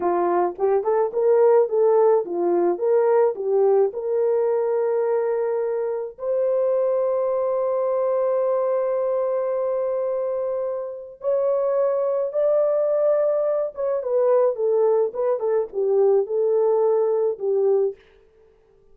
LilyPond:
\new Staff \with { instrumentName = "horn" } { \time 4/4 \tempo 4 = 107 f'4 g'8 a'8 ais'4 a'4 | f'4 ais'4 g'4 ais'4~ | ais'2. c''4~ | c''1~ |
c''1 | cis''2 d''2~ | d''8 cis''8 b'4 a'4 b'8 a'8 | g'4 a'2 g'4 | }